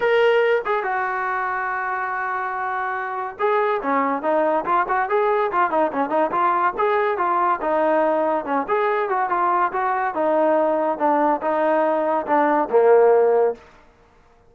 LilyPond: \new Staff \with { instrumentName = "trombone" } { \time 4/4 \tempo 4 = 142 ais'4. gis'8 fis'2~ | fis'1 | gis'4 cis'4 dis'4 f'8 fis'8 | gis'4 f'8 dis'8 cis'8 dis'8 f'4 |
gis'4 f'4 dis'2 | cis'8 gis'4 fis'8 f'4 fis'4 | dis'2 d'4 dis'4~ | dis'4 d'4 ais2 | }